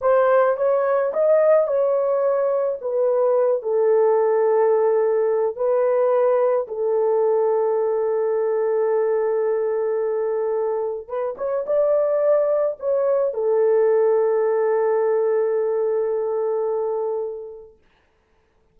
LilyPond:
\new Staff \with { instrumentName = "horn" } { \time 4/4 \tempo 4 = 108 c''4 cis''4 dis''4 cis''4~ | cis''4 b'4. a'4.~ | a'2 b'2 | a'1~ |
a'1 | b'8 cis''8 d''2 cis''4 | a'1~ | a'1 | }